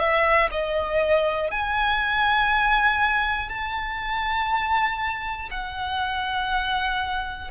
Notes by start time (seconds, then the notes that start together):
0.00 E5
0.52 D#5
1.51 G#5
3.50 A5
5.51 F#5